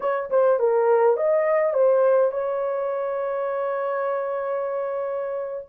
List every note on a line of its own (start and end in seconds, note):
0.00 0.29 C#5
0.29 0.59 C5
0.59 1.17 A#4
1.17 1.73 D#5
1.73 2.31 C5
2.31 5.66 C#5